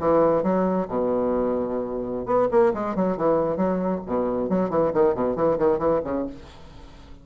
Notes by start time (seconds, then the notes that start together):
0.00 E3
0.44 F#3
0.89 B2
2.26 B3
2.51 A#3
2.74 G#3
2.96 F#3
3.18 E3
3.57 F#3
4.07 B2
4.50 F#3
4.70 E3
4.94 D#3
5.15 B2
5.36 E3
5.59 D#3
5.79 E3
6.05 C#3